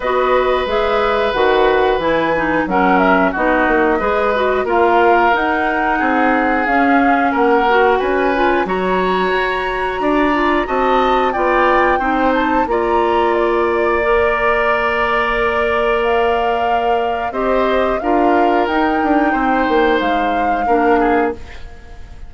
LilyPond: <<
  \new Staff \with { instrumentName = "flute" } { \time 4/4 \tempo 4 = 90 dis''4 e''4 fis''4 gis''4 | fis''8 e''8 dis''2 f''4 | fis''2 f''4 fis''4 | gis''4 ais''2. |
a''4 g''4. a''8 ais''4 | d''1 | f''2 dis''4 f''4 | g''2 f''2 | }
  \new Staff \with { instrumentName = "oboe" } { \time 4/4 b'1 | ais'4 fis'4 b'4 ais'4~ | ais'4 gis'2 ais'4 | b'4 cis''2 d''4 |
dis''4 d''4 c''4 d''4~ | d''1~ | d''2 c''4 ais'4~ | ais'4 c''2 ais'8 gis'8 | }
  \new Staff \with { instrumentName = "clarinet" } { \time 4/4 fis'4 gis'4 fis'4 e'8 dis'8 | cis'4 dis'4 gis'8 fis'8 f'4 | dis'2 cis'4. fis'8~ | fis'8 f'8 fis'2~ fis'8 f'8 |
fis'4 f'4 dis'4 f'4~ | f'4 ais'2.~ | ais'2 g'4 f'4 | dis'2. d'4 | }
  \new Staff \with { instrumentName = "bassoon" } { \time 4/4 b4 gis4 dis4 e4 | fis4 b8 ais8 gis4 ais4 | dis'4 c'4 cis'4 ais4 | cis'4 fis4 fis'4 d'4 |
c'4 b4 c'4 ais4~ | ais1~ | ais2 c'4 d'4 | dis'8 d'8 c'8 ais8 gis4 ais4 | }
>>